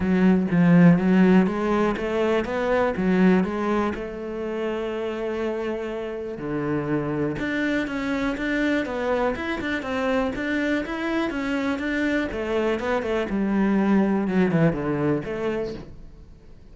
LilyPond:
\new Staff \with { instrumentName = "cello" } { \time 4/4 \tempo 4 = 122 fis4 f4 fis4 gis4 | a4 b4 fis4 gis4 | a1~ | a4 d2 d'4 |
cis'4 d'4 b4 e'8 d'8 | c'4 d'4 e'4 cis'4 | d'4 a4 b8 a8 g4~ | g4 fis8 e8 d4 a4 | }